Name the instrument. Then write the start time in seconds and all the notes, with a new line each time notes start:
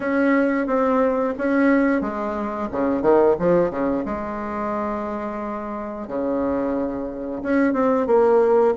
bassoon
0.00 C#4
0.66 C4
1.38 C#4
2.01 G#3
2.71 C#3
3.02 D#3
3.39 F3
3.70 C#3
4.05 G#3
6.07 C#3
7.42 C#4
7.73 C4
8.06 A#3